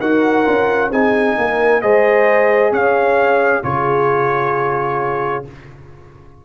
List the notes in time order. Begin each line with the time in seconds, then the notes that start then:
0.00 D#4 F#4 A#4 F#5
0.45 C#4 F4
0.91 C4 D#4 G#4 G#5
1.38 A#3 A#4
1.82 G#3 G#4 C5 D#5
2.72 C#4 C#5 F5
3.63 C#3 F4 G#4 C#5